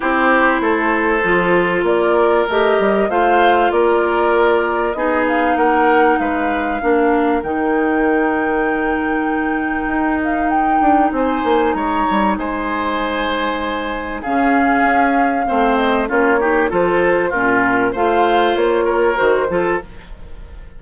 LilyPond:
<<
  \new Staff \with { instrumentName = "flute" } { \time 4/4 \tempo 4 = 97 c''2. d''4 | dis''4 f''4 d''2 | dis''8 f''8 fis''4 f''2 | g''1~ |
g''8 f''8 g''4 gis''4 ais''4 | gis''2. f''4~ | f''4. dis''8 cis''4 c''4 | ais'4 f''4 cis''4 c''4 | }
  \new Staff \with { instrumentName = "oboe" } { \time 4/4 g'4 a'2 ais'4~ | ais'4 c''4 ais'2 | gis'4 ais'4 b'4 ais'4~ | ais'1~ |
ais'2 c''4 cis''4 | c''2. gis'4~ | gis'4 c''4 f'8 g'8 a'4 | f'4 c''4. ais'4 a'8 | }
  \new Staff \with { instrumentName = "clarinet" } { \time 4/4 e'2 f'2 | g'4 f'2. | dis'2. d'4 | dis'1~ |
dis'1~ | dis'2. cis'4~ | cis'4 c'4 cis'8 dis'8 f'4 | cis'4 f'2 fis'8 f'8 | }
  \new Staff \with { instrumentName = "bassoon" } { \time 4/4 c'4 a4 f4 ais4 | a8 g8 a4 ais2 | b4 ais4 gis4 ais4 | dis1 |
dis'4. d'8 c'8 ais8 gis8 g8 | gis2. cis4 | cis'4 a4 ais4 f4 | ais,4 a4 ais4 dis8 f8 | }
>>